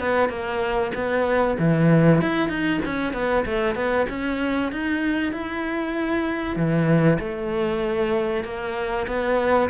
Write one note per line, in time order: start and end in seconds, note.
0.00 0.29 B3
0.29 0.92 A#3
0.95 1.58 B3
1.59 2.21 E3
2.21 2.49 E4
2.49 2.80 D#4
2.86 3.14 C#4
3.14 3.45 B3
3.46 3.76 A3
3.76 4.07 B3
4.10 4.72 C#4
4.72 5.33 D#4
5.33 6.56 E4
6.56 7.19 E3
7.19 8.44 A3
8.44 9.07 A#3
9.08 9.70 B3